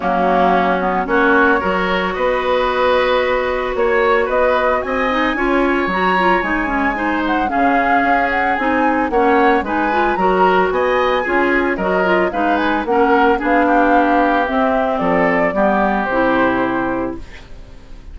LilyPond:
<<
  \new Staff \with { instrumentName = "flute" } { \time 4/4 \tempo 4 = 112 fis'2 cis''2 | dis''2. cis''4 | dis''4 gis''2 ais''4 | gis''4. fis''8 f''4. fis''8 |
gis''4 fis''4 gis''4 ais''4 | gis''2 dis''4 f''8 gis''8 | fis''4 f''2 e''4 | d''2 c''2 | }
  \new Staff \with { instrumentName = "oboe" } { \time 4/4 cis'2 fis'4 ais'4 | b'2. cis''4 | b'4 dis''4 cis''2~ | cis''4 c''4 gis'2~ |
gis'4 cis''4 b'4 ais'4 | dis''4 gis'4 ais'4 b'4 | ais'4 gis'8 g'2~ g'8 | a'4 g'2. | }
  \new Staff \with { instrumentName = "clarinet" } { \time 4/4 ais4. b8 cis'4 fis'4~ | fis'1~ | fis'4. dis'8 f'4 fis'8 f'8 | dis'8 cis'8 dis'4 cis'2 |
dis'4 cis'4 dis'8 f'8 fis'4~ | fis'4 f'4 fis'8 f'8 dis'4 | cis'4 d'2 c'4~ | c'4 b4 e'2 | }
  \new Staff \with { instrumentName = "bassoon" } { \time 4/4 fis2 ais4 fis4 | b2. ais4 | b4 c'4 cis'4 fis4 | gis2 cis4 cis'4 |
c'4 ais4 gis4 fis4 | b4 cis'4 fis4 gis4 | ais4 b2 c'4 | f4 g4 c2 | }
>>